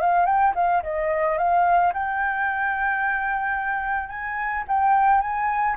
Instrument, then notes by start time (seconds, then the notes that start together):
flute
0.00 F5
0.26 G5
0.55 F5
0.83 D#5
1.38 F5
1.93 G5
4.09 G#5
4.68 G5
5.21 G#5